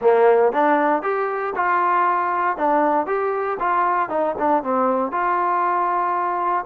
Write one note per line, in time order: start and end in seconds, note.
0.01 0.52 A#3
0.52 1.02 D4
1.02 1.53 G4
1.55 2.57 F4
2.57 3.06 D4
3.06 3.58 G4
3.59 4.09 F4
4.09 4.34 D#4
4.38 4.63 D4
4.63 5.11 C4
5.11 6.65 F4